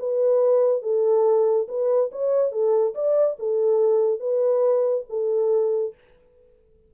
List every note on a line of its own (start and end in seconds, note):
0.00 0.83 B4
0.83 1.68 A4
1.69 2.11 B4
2.12 2.52 C#5
2.52 2.95 A4
2.95 3.38 D5
3.39 4.20 A4
4.20 5.05 B4
5.10 5.95 A4